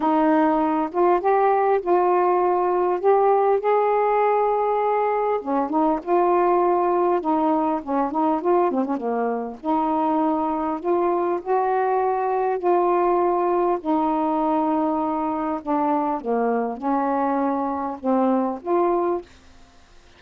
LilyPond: \new Staff \with { instrumentName = "saxophone" } { \time 4/4 \tempo 4 = 100 dis'4. f'8 g'4 f'4~ | f'4 g'4 gis'2~ | gis'4 cis'8 dis'8 f'2 | dis'4 cis'8 dis'8 f'8 c'16 cis'16 ais4 |
dis'2 f'4 fis'4~ | fis'4 f'2 dis'4~ | dis'2 d'4 ais4 | cis'2 c'4 f'4 | }